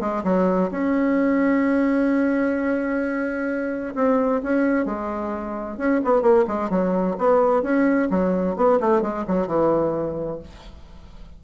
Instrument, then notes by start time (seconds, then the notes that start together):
bassoon
0.00 G#3
0.24 F#3
0.71 C#4
3.95 C4
4.43 C#4
4.85 G#3
5.77 C#4
6.04 B3
6.22 A#3
6.47 G#3
6.70 F#3
7.18 B3
7.62 C#4
8.10 F#3
8.56 B3
8.80 A3
9.02 G#3
9.27 F#3
9.47 E3